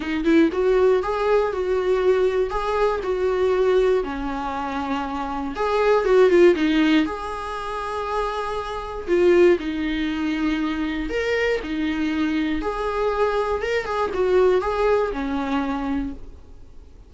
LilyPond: \new Staff \with { instrumentName = "viola" } { \time 4/4 \tempo 4 = 119 dis'8 e'8 fis'4 gis'4 fis'4~ | fis'4 gis'4 fis'2 | cis'2. gis'4 | fis'8 f'8 dis'4 gis'2~ |
gis'2 f'4 dis'4~ | dis'2 ais'4 dis'4~ | dis'4 gis'2 ais'8 gis'8 | fis'4 gis'4 cis'2 | }